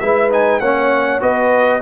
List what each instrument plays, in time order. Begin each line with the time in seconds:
0.00 tuba G#3, trombone E4, horn B4, trumpet E5
0.31 trombone D#4, trumpet G#5
0.60 tuba A#3, trombone C#4, horn C#5, trumpet F#5
1.21 tuba B3, trombone F#4, horn B4, trumpet D#5